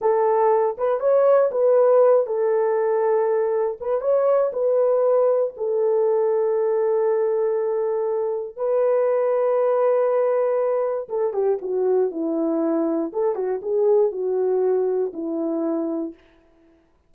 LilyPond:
\new Staff \with { instrumentName = "horn" } { \time 4/4 \tempo 4 = 119 a'4. b'8 cis''4 b'4~ | b'8 a'2. b'8 | cis''4 b'2 a'4~ | a'1~ |
a'4 b'2.~ | b'2 a'8 g'8 fis'4 | e'2 a'8 fis'8 gis'4 | fis'2 e'2 | }